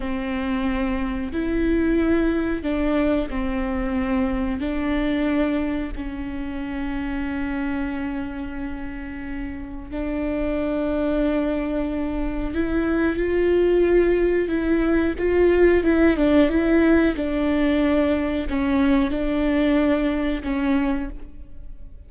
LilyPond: \new Staff \with { instrumentName = "viola" } { \time 4/4 \tempo 4 = 91 c'2 e'2 | d'4 c'2 d'4~ | d'4 cis'2.~ | cis'2. d'4~ |
d'2. e'4 | f'2 e'4 f'4 | e'8 d'8 e'4 d'2 | cis'4 d'2 cis'4 | }